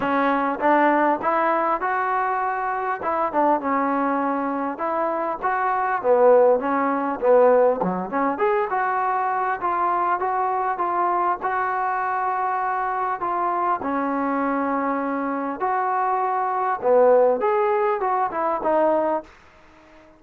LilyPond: \new Staff \with { instrumentName = "trombone" } { \time 4/4 \tempo 4 = 100 cis'4 d'4 e'4 fis'4~ | fis'4 e'8 d'8 cis'2 | e'4 fis'4 b4 cis'4 | b4 fis8 cis'8 gis'8 fis'4. |
f'4 fis'4 f'4 fis'4~ | fis'2 f'4 cis'4~ | cis'2 fis'2 | b4 gis'4 fis'8 e'8 dis'4 | }